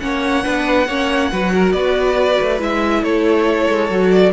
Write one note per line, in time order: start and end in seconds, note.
0.00 0.45 A#3
0.00 0.43 C#4
0.00 0.44 C#5
0.00 1.73 F#5
0.43 0.88 B3
0.43 0.86 D4
0.43 0.87 B4
0.87 1.32 A#3
0.87 1.32 C#4
0.87 1.30 C#5
1.31 1.73 F#3
1.31 2.59 F#4
1.31 1.53 B4
1.55 1.73 A#4
1.73 2.38 B3
1.73 3.03 B4
1.73 2.59 D5
2.41 2.61 A3
2.59 3.03 G#3
2.59 3.88 E4
2.59 3.03 E5
3.03 3.68 A3
3.03 4.33 A4
3.03 4.11 C#5
3.68 3.90 G#3
3.90 4.33 F#3
3.90 4.33 F#4
4.11 4.32 D5